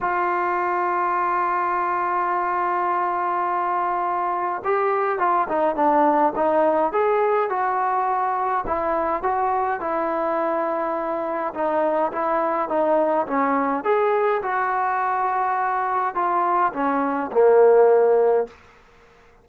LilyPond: \new Staff \with { instrumentName = "trombone" } { \time 4/4 \tempo 4 = 104 f'1~ | f'1 | g'4 f'8 dis'8 d'4 dis'4 | gis'4 fis'2 e'4 |
fis'4 e'2. | dis'4 e'4 dis'4 cis'4 | gis'4 fis'2. | f'4 cis'4 ais2 | }